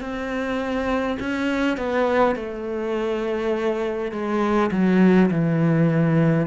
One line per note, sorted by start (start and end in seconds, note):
0.00 1.18 C4
1.19 1.77 C#4
1.77 2.35 B3
2.35 4.11 A3
4.11 4.70 G#3
4.71 5.30 F#3
5.30 6.47 E3